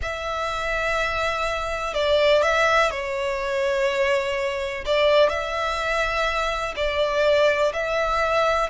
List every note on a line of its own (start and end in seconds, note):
0.01 1.94 E5
1.94 2.42 D5
2.42 2.90 E5
2.90 4.84 C#5
4.85 5.29 D5
5.29 6.74 E5
6.75 7.72 D5
7.73 8.69 E5